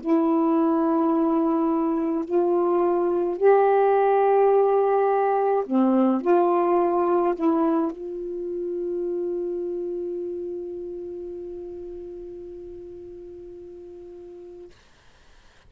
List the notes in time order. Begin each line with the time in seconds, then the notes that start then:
0.00 E4
2.24 F4
3.37 G4
5.66 C4
6.21 F4
7.35 E4
7.91 F4